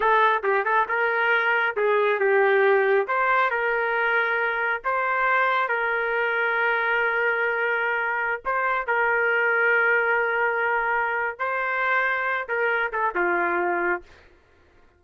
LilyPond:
\new Staff \with { instrumentName = "trumpet" } { \time 4/4 \tempo 4 = 137 a'4 g'8 a'8 ais'2 | gis'4 g'2 c''4 | ais'2. c''4~ | c''4 ais'2.~ |
ais'2.~ ais'16 c''8.~ | c''16 ais'2.~ ais'8.~ | ais'2 c''2~ | c''8 ais'4 a'8 f'2 | }